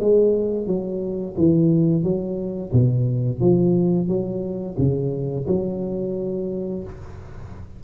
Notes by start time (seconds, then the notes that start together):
0.00 G#3
0.67 F#3
1.37 E3
2.03 F#3
2.72 B2
3.40 F3
4.08 F#3
4.78 C#3
5.47 F#3